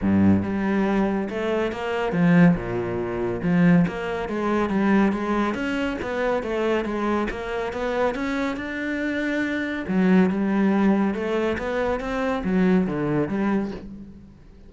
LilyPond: \new Staff \with { instrumentName = "cello" } { \time 4/4 \tempo 4 = 140 g,4 g2 a4 | ais4 f4 ais,2 | f4 ais4 gis4 g4 | gis4 cis'4 b4 a4 |
gis4 ais4 b4 cis'4 | d'2. fis4 | g2 a4 b4 | c'4 fis4 d4 g4 | }